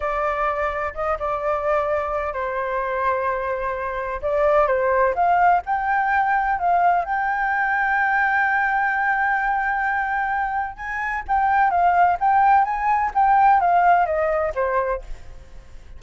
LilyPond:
\new Staff \with { instrumentName = "flute" } { \time 4/4 \tempo 4 = 128 d''2 dis''8 d''4.~ | d''4 c''2.~ | c''4 d''4 c''4 f''4 | g''2 f''4 g''4~ |
g''1~ | g''2. gis''4 | g''4 f''4 g''4 gis''4 | g''4 f''4 dis''4 c''4 | }